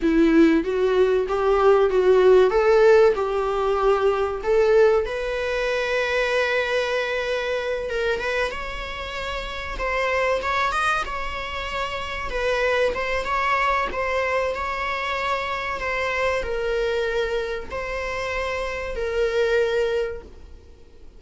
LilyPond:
\new Staff \with { instrumentName = "viola" } { \time 4/4 \tempo 4 = 95 e'4 fis'4 g'4 fis'4 | a'4 g'2 a'4 | b'1~ | b'8 ais'8 b'8 cis''2 c''8~ |
c''8 cis''8 dis''8 cis''2 b'8~ | b'8 c''8 cis''4 c''4 cis''4~ | cis''4 c''4 ais'2 | c''2 ais'2 | }